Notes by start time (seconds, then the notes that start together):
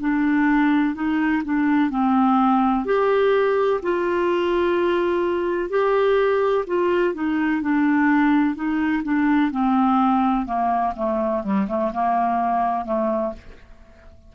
0.00 D4
0.95 D#4
1.45 D4
1.90 C4
2.85 G4
3.82 F4
5.70 G4
6.67 F4
7.14 D#4
7.62 D4
8.55 D#4
9.03 D4
9.52 C4
10.46 A#3
10.96 A3
11.44 G3
11.68 A3
11.94 A#3
12.85 A3